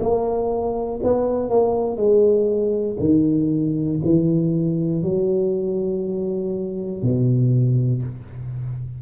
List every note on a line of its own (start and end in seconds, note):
0.00 1.00 A#3
1.03 1.50 B3
1.50 1.96 A#3
1.96 2.96 G#3
3.00 4.00 D#3
4.04 5.03 E3
5.03 7.02 F#3
7.02 8.02 B2